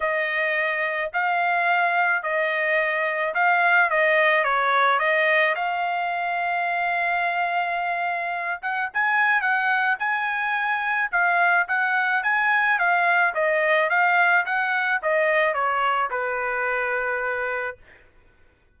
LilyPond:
\new Staff \with { instrumentName = "trumpet" } { \time 4/4 \tempo 4 = 108 dis''2 f''2 | dis''2 f''4 dis''4 | cis''4 dis''4 f''2~ | f''2.~ f''8 fis''8 |
gis''4 fis''4 gis''2 | f''4 fis''4 gis''4 f''4 | dis''4 f''4 fis''4 dis''4 | cis''4 b'2. | }